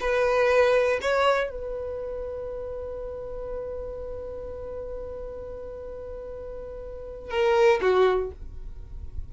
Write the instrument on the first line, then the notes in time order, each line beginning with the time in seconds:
violin
0.00 B4
1.01 C#5
1.50 B4
7.30 A#4
7.81 F#4